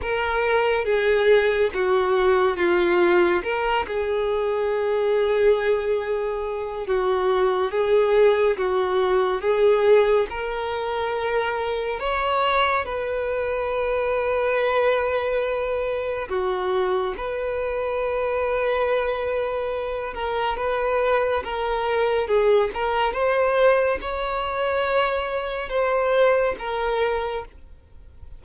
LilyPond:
\new Staff \with { instrumentName = "violin" } { \time 4/4 \tempo 4 = 70 ais'4 gis'4 fis'4 f'4 | ais'8 gis'2.~ gis'8 | fis'4 gis'4 fis'4 gis'4 | ais'2 cis''4 b'4~ |
b'2. fis'4 | b'2.~ b'8 ais'8 | b'4 ais'4 gis'8 ais'8 c''4 | cis''2 c''4 ais'4 | }